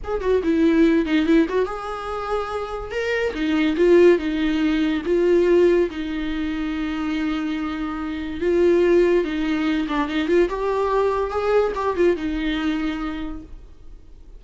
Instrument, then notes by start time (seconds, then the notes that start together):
viola
0.04 G#4
0.20 F#4
0.43 E4
1.05 D#4
1.26 E4
1.48 F#4
1.65 G#4
2.91 A#4
3.34 D#4
3.76 F4
4.18 D#4
5.05 F4
5.90 D#4
8.40 F4
9.24 D#4
9.88 D4
10.08 D#4
10.27 F4
10.49 G4
11.30 G#4
11.75 G4
11.96 F4
12.16 D#4